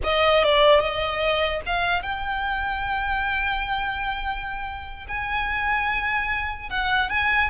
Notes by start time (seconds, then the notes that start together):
0.03 D#5
0.43 D5
0.79 D#5
1.66 F5
2.02 G5
5.08 G#5
6.69 F#5
7.09 G#5